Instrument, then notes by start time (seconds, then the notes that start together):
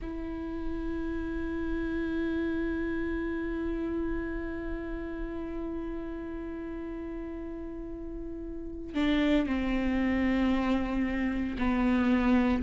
viola
0.02 E4
8.94 D4
9.46 C4
11.58 B3